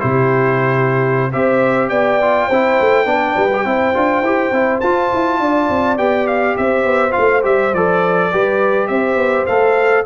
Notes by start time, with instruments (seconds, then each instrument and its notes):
0.00 tuba C3, trombone E4, horn G4, trumpet C5
1.32 tuba C4, trombone G4, horn C5, trumpet E5
1.89 tuba B3, horn D5, trumpet G5
2.21 trombone F4
2.46 tuba C4, trombone E4, horn C5
2.80 tuba A3
3.05 tuba B3, trombone D4, horn D5
3.35 tuba G3, horn B4
3.54 trombone G4
3.65 tuba C4, trombone E4, horn C5
3.94 tuba D4, trombone F4
4.21 tuba E4, trombone G4
4.51 tuba C4, trombone E4
4.80 tuba F4, trombone F4, trumpet A5
5.13 tuba E4
5.39 tuba D4, horn D5
5.69 tuba C4
5.97 tuba B3, trombone G4, trumpet G5
6.27 trumpet F5
6.57 tuba C4, horn C5, trumpet E5
6.85 tuba B3
7.10 trombone F4, trumpet F5
7.17 tuba A3
7.43 tuba G3, trombone G4, trumpet E5
7.73 tuba F3, trombone A4, trumpet D5
8.31 tuba G3, trombone G4, horn B4
8.87 tuba C4, horn C5, trumpet E5
9.16 tuba B3
9.46 tuba A3, trombone A4, trumpet F5